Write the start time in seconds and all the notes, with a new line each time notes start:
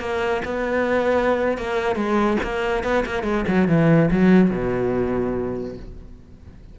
0.00 A#3
0.45 B3
1.57 A#3
1.95 G#3
2.43 A#3
2.83 B3
3.05 A#3
3.23 G#3
3.47 F#3
3.68 E3
4.11 F#3
4.50 B2